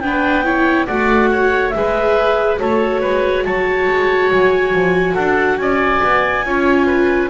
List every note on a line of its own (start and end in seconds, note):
0.00 0.88 B3
0.00 0.44 D4
0.00 0.45 B4
0.00 0.86 G5
0.44 0.87 E4
0.44 0.87 C#5
0.87 1.74 A3
0.87 1.74 F#4
0.87 1.29 D5
0.87 1.70 F#5
1.32 1.74 C#5
1.70 2.61 G#3
1.70 2.58 G#4
1.70 2.56 E5
1.77 2.61 B4
2.58 3.04 A3
2.58 6.44 F#4
2.58 3.01 A4
2.58 3.45 C#5
3.01 3.45 G#3
3.01 3.44 B4
3.45 3.88 F#3
3.45 5.14 C#5
3.45 4.31 A5
3.88 4.31 G#3
4.31 4.74 F#3
4.31 5.15 G#5
4.74 5.17 F3
5.14 5.58 D4
5.14 5.57 A4
5.14 5.58 F#5
5.58 6.01 C#4
5.58 6.46 D5
5.58 7.29 G#5
6.03 6.45 B3
6.45 7.30 C#4
6.45 7.30 F4
6.45 6.86 C#5
6.86 7.29 B4